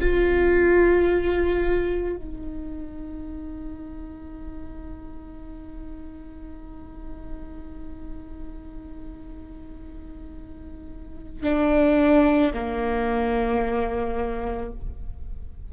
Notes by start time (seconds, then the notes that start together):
0.00 F4
2.17 D#4
11.43 D4
12.54 A#3